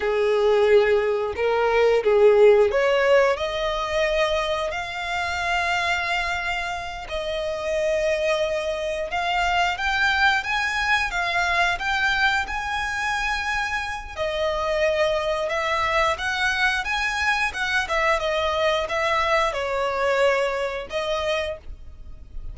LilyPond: \new Staff \with { instrumentName = "violin" } { \time 4/4 \tempo 4 = 89 gis'2 ais'4 gis'4 | cis''4 dis''2 f''4~ | f''2~ f''8 dis''4.~ | dis''4. f''4 g''4 gis''8~ |
gis''8 f''4 g''4 gis''4.~ | gis''4 dis''2 e''4 | fis''4 gis''4 fis''8 e''8 dis''4 | e''4 cis''2 dis''4 | }